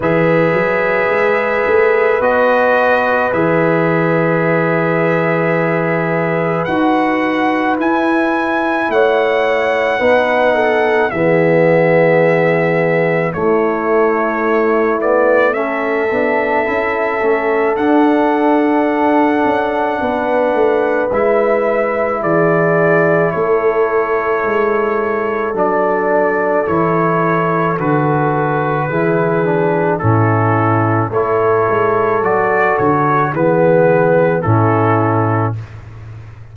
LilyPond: <<
  \new Staff \with { instrumentName = "trumpet" } { \time 4/4 \tempo 4 = 54 e''2 dis''4 e''4~ | e''2 fis''4 gis''4 | fis''2 e''2 | cis''4. d''8 e''2 |
fis''2. e''4 | d''4 cis''2 d''4 | cis''4 b'2 a'4 | cis''4 d''8 cis''8 b'4 a'4 | }
  \new Staff \with { instrumentName = "horn" } { \time 4/4 b'1~ | b'1 | cis''4 b'8 a'8 gis'2 | e'2 a'2~ |
a'2 b'2 | gis'4 a'2.~ | a'2 gis'4 e'4 | a'2 gis'4 e'4 | }
  \new Staff \with { instrumentName = "trombone" } { \time 4/4 gis'2 fis'4 gis'4~ | gis'2 fis'4 e'4~ | e'4 dis'4 b2 | a4. b8 cis'8 d'8 e'8 cis'8 |
d'2. e'4~ | e'2. d'4 | e'4 fis'4 e'8 d'8 cis'4 | e'4 fis'4 b4 cis'4 | }
  \new Staff \with { instrumentName = "tuba" } { \time 4/4 e8 fis8 gis8 a8 b4 e4~ | e2 dis'4 e'4 | a4 b4 e2 | a2~ a8 b8 cis'8 a8 |
d'4. cis'8 b8 a8 gis4 | e4 a4 gis4 fis4 | e4 d4 e4 a,4 | a8 gis8 fis8 d8 e4 a,4 | }
>>